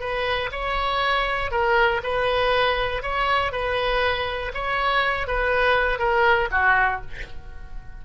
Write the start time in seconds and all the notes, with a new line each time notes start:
0.00 B4
0.52 C#5
1.51 A#4
2.03 B4
3.02 C#5
3.52 B4
4.54 C#5
5.27 B4
5.99 A#4
6.51 F#4